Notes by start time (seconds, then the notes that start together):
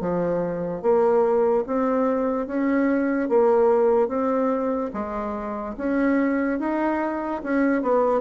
0.00 F3
0.82 A#3
1.67 C4
2.47 C#4
3.29 A#3
4.08 C4
4.93 G#3
5.77 C#4
6.59 D#4
7.43 C#4
7.82 B3